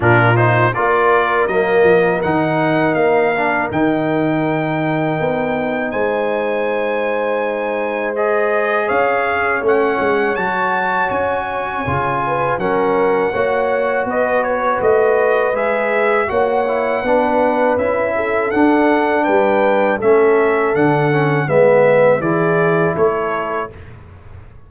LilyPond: <<
  \new Staff \with { instrumentName = "trumpet" } { \time 4/4 \tempo 4 = 81 ais'8 c''8 d''4 dis''4 fis''4 | f''4 g''2. | gis''2. dis''4 | f''4 fis''4 a''4 gis''4~ |
gis''4 fis''2 dis''8 cis''8 | dis''4 e''4 fis''2 | e''4 fis''4 g''4 e''4 | fis''4 e''4 d''4 cis''4 | }
  \new Staff \with { instrumentName = "horn" } { \time 4/4 f'4 ais'2.~ | ais'1 | c''1 | cis''1~ |
cis''8 b'8 ais'4 cis''4 b'4~ | b'2 cis''4 b'4~ | b'8 a'4. b'4 a'4~ | a'4 b'4 gis'4 a'4 | }
  \new Staff \with { instrumentName = "trombone" } { \time 4/4 d'8 dis'8 f'4 ais4 dis'4~ | dis'8 d'8 dis'2.~ | dis'2. gis'4~ | gis'4 cis'4 fis'2 |
f'4 cis'4 fis'2~ | fis'4 gis'4 fis'8 e'8 d'4 | e'4 d'2 cis'4 | d'8 cis'8 b4 e'2 | }
  \new Staff \with { instrumentName = "tuba" } { \time 4/4 ais,4 ais4 fis8 f8 dis4 | ais4 dis2 b4 | gis1 | cis'4 a8 gis8 fis4 cis'4 |
cis4 fis4 ais4 b4 | a4 gis4 ais4 b4 | cis'4 d'4 g4 a4 | d4 gis4 e4 a4 | }
>>